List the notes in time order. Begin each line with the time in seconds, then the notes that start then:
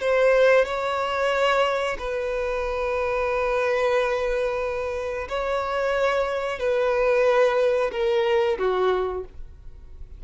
0.00 C5
0.65 C#5
1.98 B4
5.28 C#5
6.59 B4
7.92 A#4
8.58 F#4